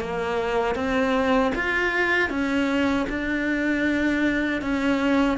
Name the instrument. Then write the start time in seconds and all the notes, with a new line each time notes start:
cello
0.00 A#3
0.75 C4
1.55 F4
2.29 C#4
3.09 D4
4.62 C#4